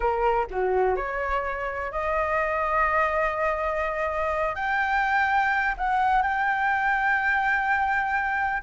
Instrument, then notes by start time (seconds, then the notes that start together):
flute
0.00 A#4
0.50 F#4
0.95 C#5
1.91 D#5
4.55 G5
5.77 F#5
6.22 G5